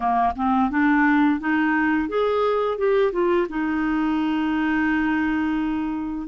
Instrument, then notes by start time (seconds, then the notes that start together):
clarinet
0.00 A#3
0.36 C4
0.70 D4
1.40 D#4
2.09 G#4
2.77 G4
3.12 F4
3.49 D#4